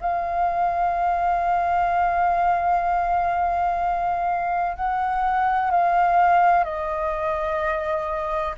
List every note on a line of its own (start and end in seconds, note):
0.00 4.76 F5
4.76 5.71 F#5
5.71 6.64 F5
6.64 8.55 D#5